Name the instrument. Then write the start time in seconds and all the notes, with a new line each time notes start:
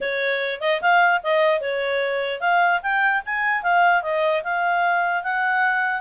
clarinet
0.00 C#5
0.61 D#5
0.81 F5
1.23 D#5
1.61 C#5
2.40 F5
2.82 G5
3.25 G#5
3.62 F5
4.02 D#5
4.43 F5
5.23 F#5